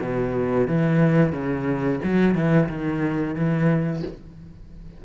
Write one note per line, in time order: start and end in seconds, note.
0.00 0.67 B2
0.67 1.32 E3
1.32 1.99 C#3
2.03 2.34 F#3
2.34 2.68 E3
2.68 3.35 D#3
3.35 4.02 E3